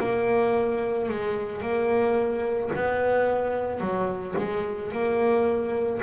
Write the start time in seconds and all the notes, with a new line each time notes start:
0.00 A#3
1.09 G#3
1.62 A#3
2.75 B3
3.80 F#3
4.38 G#3
4.92 A#3